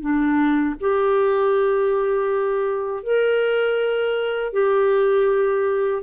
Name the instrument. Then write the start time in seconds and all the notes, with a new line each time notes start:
clarinet
0.00 D4
0.80 G4
3.03 A#4
4.52 G4